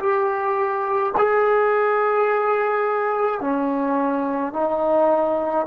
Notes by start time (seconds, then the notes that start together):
0.00 G4
1.18 G#4
3.41 C#4
4.53 D#4